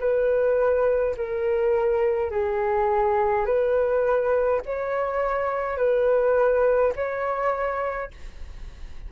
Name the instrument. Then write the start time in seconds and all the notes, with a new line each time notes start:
flute
0.00 B4
1.16 A#4
2.31 G#4
3.46 B4
4.66 C#5
5.77 B4
6.95 C#5